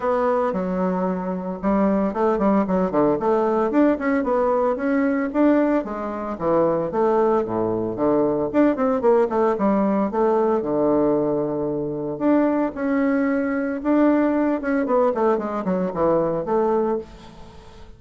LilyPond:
\new Staff \with { instrumentName = "bassoon" } { \time 4/4 \tempo 4 = 113 b4 fis2 g4 | a8 g8 fis8 d8 a4 d'8 cis'8 | b4 cis'4 d'4 gis4 | e4 a4 a,4 d4 |
d'8 c'8 ais8 a8 g4 a4 | d2. d'4 | cis'2 d'4. cis'8 | b8 a8 gis8 fis8 e4 a4 | }